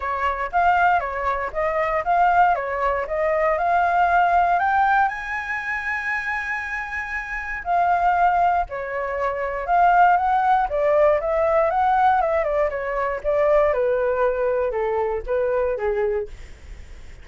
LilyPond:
\new Staff \with { instrumentName = "flute" } { \time 4/4 \tempo 4 = 118 cis''4 f''4 cis''4 dis''4 | f''4 cis''4 dis''4 f''4~ | f''4 g''4 gis''2~ | gis''2. f''4~ |
f''4 cis''2 f''4 | fis''4 d''4 e''4 fis''4 | e''8 d''8 cis''4 d''4 b'4~ | b'4 a'4 b'4 gis'4 | }